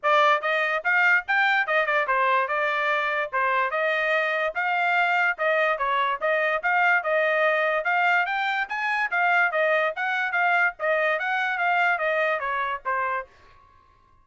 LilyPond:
\new Staff \with { instrumentName = "trumpet" } { \time 4/4 \tempo 4 = 145 d''4 dis''4 f''4 g''4 | dis''8 d''8 c''4 d''2 | c''4 dis''2 f''4~ | f''4 dis''4 cis''4 dis''4 |
f''4 dis''2 f''4 | g''4 gis''4 f''4 dis''4 | fis''4 f''4 dis''4 fis''4 | f''4 dis''4 cis''4 c''4 | }